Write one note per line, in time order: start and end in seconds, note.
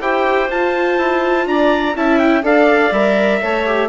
0.00 0.49 E4
0.00 0.48 G4
0.00 1.46 C5
0.00 0.50 G5
0.48 1.95 F4
0.48 0.97 F4
0.48 1.47 A5
0.97 1.46 E4
1.46 1.94 D4
1.46 1.95 D5
1.46 1.96 A#5
1.94 2.43 C#4
1.94 2.42 E4
1.94 2.43 E5
1.94 2.19 A5
2.19 2.43 G5
2.42 2.91 D4
2.42 2.91 A4
2.42 3.41 D5
2.42 2.93 F5
2.91 3.40 G3
2.91 3.42 A#4
2.91 3.89 E5
3.42 3.89 A3
3.42 3.66 A4
3.42 3.89 C#5
3.66 3.89 G4